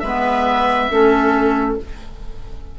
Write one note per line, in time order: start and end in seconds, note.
0.00 0.90 G#3
0.00 0.91 B3
0.00 0.90 B4
0.00 1.74 E5
0.90 1.77 A3
0.90 1.78 C#4
0.90 1.79 A4